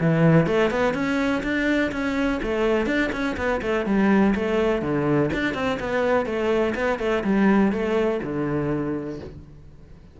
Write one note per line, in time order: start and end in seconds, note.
0.00 0.47 E3
0.47 0.71 A3
0.71 0.94 B3
0.94 1.42 C#4
1.43 1.91 D4
1.92 2.40 C#4
2.43 2.86 A3
2.86 3.11 D4
3.12 3.36 C#4
3.37 3.61 B3
3.62 3.86 A3
3.86 4.34 G3
4.35 4.82 A3
4.82 5.30 D3
5.33 5.54 D4
5.54 5.78 C4
5.80 6.26 B3
6.26 6.74 A3
6.75 6.99 B3
6.99 7.23 A3
7.24 7.72 G3
7.72 8.20 A3
8.23 9.20 D3